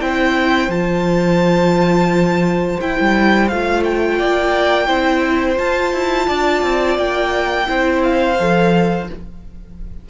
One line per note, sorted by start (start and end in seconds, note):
0.00 0.68 C4
0.00 0.70 E4
0.00 4.18 C5
0.00 0.71 G5
0.68 2.77 F3
0.68 2.80 F4
0.68 2.80 A5
2.80 3.50 E4
2.80 2.98 E4
2.80 3.48 G5
3.00 3.51 G3
3.48 4.20 A3
3.48 4.87 F4
3.48 3.83 F5
3.84 5.58 G5
4.18 4.88 A#3
4.18 4.87 D5
4.87 5.58 C4
4.87 5.56 E4
4.87 6.27 C5
5.56 7.65 F4
5.56 5.93 F4
5.56 6.97 A5
5.93 6.28 E4
6.27 6.62 D4
6.27 7.66 D5
6.62 6.97 C4
6.97 7.67 A#3
6.97 8.02 G5
7.66 8.38 C4
7.66 8.35 E4
7.66 9.09 C5
8.03 9.08 F5
8.39 9.09 F3
8.39 9.09 A4